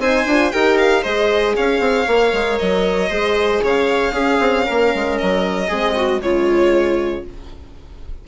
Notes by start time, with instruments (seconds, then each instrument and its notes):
0.00 bassoon C4, horn D#4, viola C5, violin G#5
0.26 bassoon D4, horn F4
0.52 bassoon D#4, horn G4, viola A#4, violin G5
0.79 violin F5
1.03 bassoon G#3, horn G#4, viola C5, violin D#5
1.56 bassoon C#4, viola C#5, violin F5
1.80 bassoon C4
2.08 bassoon A#3, horn A#4
2.33 bassoon G#3
2.59 bassoon F#3, violin D#5
3.10 bassoon G#3, horn G#4, viola C5
3.62 bassoon C#3, viola C#5, violin F5
4.12 bassoon C#4, horn C#4, viola G#4
4.40 bassoon C4
4.66 bassoon A#3, viola A#4
4.95 bassoon G#3
5.18 bassoon F#3, violin D#5
5.68 bassoon G#3, horn C4, viola G#4
5.96 viola F#4
6.21 bassoon C#3, horn G#3, viola F4, violin C#5